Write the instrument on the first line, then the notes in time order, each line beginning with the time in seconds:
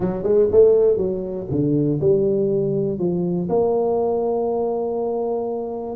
tuba
0.00 F#3
0.23 G#3
0.51 A3
0.97 F#3
1.50 D3
2.00 G3
2.98 F3
3.49 A#3